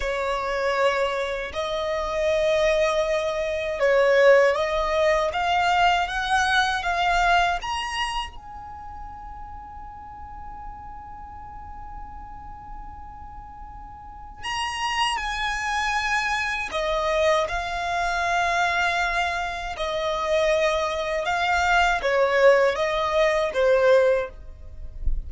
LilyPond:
\new Staff \with { instrumentName = "violin" } { \time 4/4 \tempo 4 = 79 cis''2 dis''2~ | dis''4 cis''4 dis''4 f''4 | fis''4 f''4 ais''4 gis''4~ | gis''1~ |
gis''2. ais''4 | gis''2 dis''4 f''4~ | f''2 dis''2 | f''4 cis''4 dis''4 c''4 | }